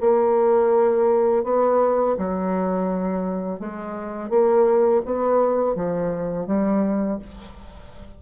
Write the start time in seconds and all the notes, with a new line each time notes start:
0.00 A#3
1.43 B3
2.17 F#3
3.59 G#3
4.29 A#3
5.05 B3
5.75 F3
6.46 G3